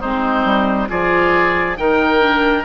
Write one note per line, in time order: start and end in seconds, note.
0.00 0.44 G#3
0.00 0.88 C4
0.00 0.88 D#4
0.00 0.89 C5
0.44 0.89 G3
0.88 1.78 F3
0.88 1.76 F4
0.88 1.78 G#4
0.88 1.77 D5
1.76 2.65 D#3
1.76 2.19 D#4
1.76 2.65 A#4
1.76 2.65 G5
2.19 2.63 D4